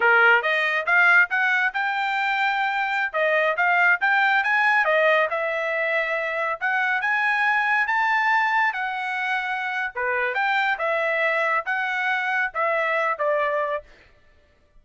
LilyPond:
\new Staff \with { instrumentName = "trumpet" } { \time 4/4 \tempo 4 = 139 ais'4 dis''4 f''4 fis''4 | g''2.~ g''16 dis''8.~ | dis''16 f''4 g''4 gis''4 dis''8.~ | dis''16 e''2. fis''8.~ |
fis''16 gis''2 a''4.~ a''16~ | a''16 fis''2~ fis''8. b'4 | g''4 e''2 fis''4~ | fis''4 e''4. d''4. | }